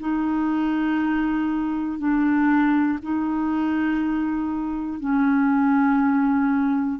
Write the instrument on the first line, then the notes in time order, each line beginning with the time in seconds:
clarinet
0.00 D#4
1.99 D4
3.02 D#4
5.00 C#4